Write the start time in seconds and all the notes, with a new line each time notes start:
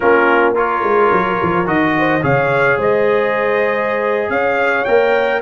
0.00 A#3 C#4 F4 A#4
0.53 F4 A#4 C#5
0.83 G#3
1.11 F#3
1.42 F3
1.65 D#3 F#4 D#5
1.98 C5
2.22 C#3 G#4 C#5 F5
2.77 G#3 C5 D#5
4.29 C#4 C#5 F5
4.84 A#3 A#4 G5